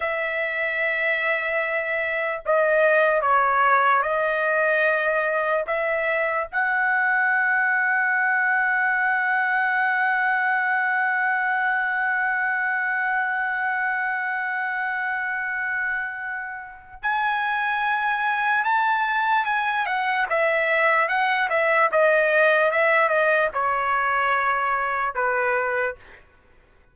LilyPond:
\new Staff \with { instrumentName = "trumpet" } { \time 4/4 \tempo 4 = 74 e''2. dis''4 | cis''4 dis''2 e''4 | fis''1~ | fis''1~ |
fis''1~ | fis''4 gis''2 a''4 | gis''8 fis''8 e''4 fis''8 e''8 dis''4 | e''8 dis''8 cis''2 b'4 | }